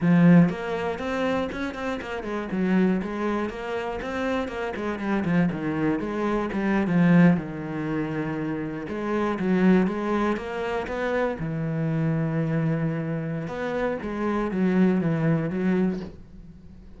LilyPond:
\new Staff \with { instrumentName = "cello" } { \time 4/4 \tempo 4 = 120 f4 ais4 c'4 cis'8 c'8 | ais8 gis8 fis4 gis4 ais4 | c'4 ais8 gis8 g8 f8 dis4 | gis4 g8. f4 dis4~ dis16~ |
dis4.~ dis16 gis4 fis4 gis16~ | gis8. ais4 b4 e4~ e16~ | e2. b4 | gis4 fis4 e4 fis4 | }